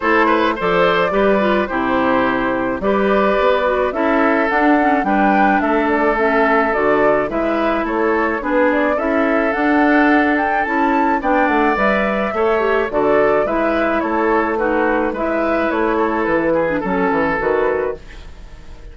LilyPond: <<
  \new Staff \with { instrumentName = "flute" } { \time 4/4 \tempo 4 = 107 c''4 d''2 c''4~ | c''4 d''2 e''4 | fis''4 g''4 e''8 d''8 e''4 | d''4 e''4 cis''4 b'8 d''8 |
e''4 fis''4. g''8 a''4 | g''8 fis''8 e''2 d''4 | e''4 cis''4 b'4 e''4 | cis''4 b'4 a'4 b'4 | }
  \new Staff \with { instrumentName = "oboe" } { \time 4/4 a'8 b'8 c''4 b'4 g'4~ | g'4 b'2 a'4~ | a'4 b'4 a'2~ | a'4 b'4 a'4 gis'4 |
a'1 | d''2 cis''4 a'4 | b'4 a'4 fis'4 b'4~ | b'8 a'4 gis'8 a'2 | }
  \new Staff \with { instrumentName = "clarinet" } { \time 4/4 e'4 a'4 g'8 f'8 e'4~ | e'4 g'4. fis'8 e'4 | d'8 cis'8 d'2 cis'4 | fis'4 e'2 d'4 |
e'4 d'2 e'4 | d'4 b'4 a'8 g'8 fis'4 | e'2 dis'4 e'4~ | e'4.~ e'16 d'16 cis'4 fis'4 | }
  \new Staff \with { instrumentName = "bassoon" } { \time 4/4 a4 f4 g4 c4~ | c4 g4 b4 cis'4 | d'4 g4 a2 | d4 gis4 a4 b4 |
cis'4 d'2 cis'4 | b8 a8 g4 a4 d4 | gis4 a2 gis4 | a4 e4 fis8 e8 dis4 | }
>>